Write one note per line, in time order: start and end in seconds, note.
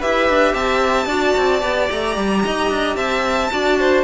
0.00 0.29 E4
0.00 1.09 G4
0.00 0.54 B4
0.00 0.55 E5
0.29 0.54 D4
0.54 1.07 C4
0.54 1.07 E5
0.54 1.90 A5
1.07 1.34 D4
1.07 1.61 F#4
1.07 2.42 D5
1.38 1.62 C4
1.61 1.89 B3
1.61 3.50 G4
1.92 2.17 A3
1.92 2.96 A#5
2.17 2.44 G3
2.45 2.70 D#4
2.45 2.97 D#5
2.70 2.96 D4
2.96 3.50 C4
2.96 3.51 E5
2.96 4.04 A5
3.51 4.04 D4
3.51 4.04 F#4
3.51 3.80 D5
3.80 4.04 C5